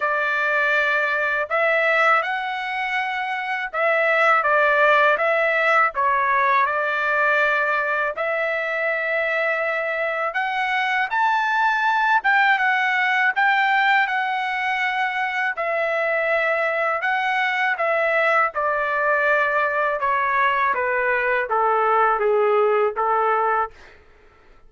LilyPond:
\new Staff \with { instrumentName = "trumpet" } { \time 4/4 \tempo 4 = 81 d''2 e''4 fis''4~ | fis''4 e''4 d''4 e''4 | cis''4 d''2 e''4~ | e''2 fis''4 a''4~ |
a''8 g''8 fis''4 g''4 fis''4~ | fis''4 e''2 fis''4 | e''4 d''2 cis''4 | b'4 a'4 gis'4 a'4 | }